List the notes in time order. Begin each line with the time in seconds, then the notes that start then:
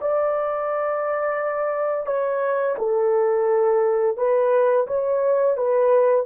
0.00 D5
2.06 C#5
2.78 A4
4.17 B4
4.87 C#5
5.57 B4